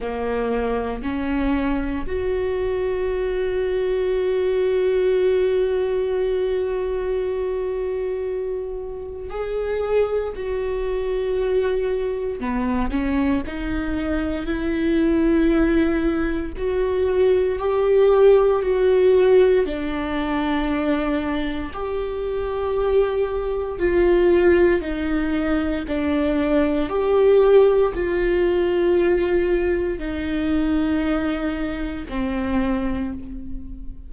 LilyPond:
\new Staff \with { instrumentName = "viola" } { \time 4/4 \tempo 4 = 58 ais4 cis'4 fis'2~ | fis'1~ | fis'4 gis'4 fis'2 | b8 cis'8 dis'4 e'2 |
fis'4 g'4 fis'4 d'4~ | d'4 g'2 f'4 | dis'4 d'4 g'4 f'4~ | f'4 dis'2 c'4 | }